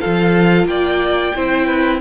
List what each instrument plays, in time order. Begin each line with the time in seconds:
0.00 cello F3, viola F4, violin A4 F5
0.65 cello A#3, violin D5 G5
1.35 cello C4, viola E4, violin C5
1.66 violin B4